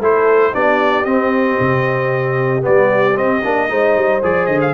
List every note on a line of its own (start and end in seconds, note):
0.00 0.53 A3
0.00 0.53 E4
0.00 0.53 A4
0.00 0.54 C5
0.53 1.05 B3
0.53 1.06 D4
0.53 3.70 G4
0.53 1.05 D5
1.05 1.58 C4
1.05 2.62 C4
1.05 2.63 D#5
1.60 2.65 C3
2.62 3.16 G3
2.62 3.14 B3
2.62 3.17 D5
3.15 3.41 C4
3.15 3.43 C4
3.15 4.22 D#5
3.44 3.70 A#3
3.44 3.69 D4
3.69 3.96 G#3
3.69 4.22 D#4
3.69 4.74 C5
3.96 4.22 G3
4.23 4.48 F3
4.23 4.74 G#4
4.23 4.46 D5
4.46 4.74 D3
4.46 4.59 D#5
4.61 4.74 F5